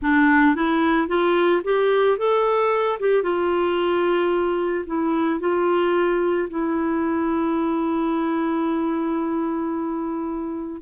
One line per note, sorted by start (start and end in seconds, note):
0.01 0.55 D4
0.55 1.08 E4
1.08 1.62 F4
1.63 2.17 G4
2.17 2.99 A4
2.99 3.22 G4
3.22 4.85 F4
4.86 5.40 E4
5.40 6.48 F4
6.49 10.81 E4